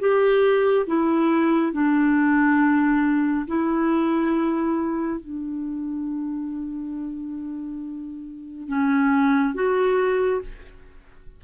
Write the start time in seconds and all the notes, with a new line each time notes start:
0.00 G4
0.87 E4
1.73 D4
3.48 E4
5.21 D4
8.68 C#4
9.55 F#4